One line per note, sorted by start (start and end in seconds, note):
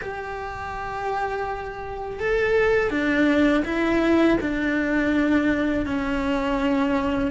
0.01 2.19 G4
2.19 2.90 A4
2.90 3.63 D4
3.65 4.38 E4
4.41 5.85 D4
5.85 7.31 C#4